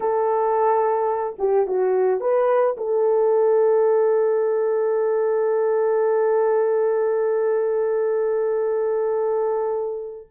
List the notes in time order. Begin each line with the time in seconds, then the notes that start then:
0.00 A4
1.39 G4
1.66 F#4
2.20 B4
2.77 A4